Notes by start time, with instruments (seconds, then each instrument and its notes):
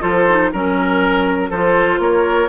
0.00 bassoon F3, clarinet F4, oboe A4, flute C5
0.28 clarinet D#4
0.52 bassoon F#3, clarinet C#4, oboe A#4, flute A#4
1.49 bassoon F3, clarinet F4, oboe A4, flute C5
1.98 bassoon A#3, oboe A#4, flute C#5